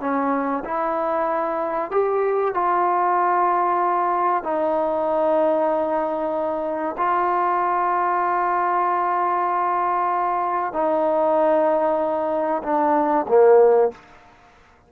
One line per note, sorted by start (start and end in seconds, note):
0.00 0.63 C#4
0.65 1.91 E4
1.91 2.54 G4
2.54 4.43 F4
4.43 6.96 D#4
6.97 10.73 F4
10.73 12.62 D#4
12.63 13.26 D4
13.28 13.91 A#3